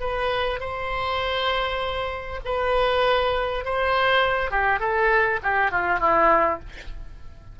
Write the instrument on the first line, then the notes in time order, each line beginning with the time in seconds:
oboe
0.00 B4
0.60 C5
2.45 B4
3.65 C5
4.51 G4
4.80 A4
5.43 G4
5.71 F4
5.99 E4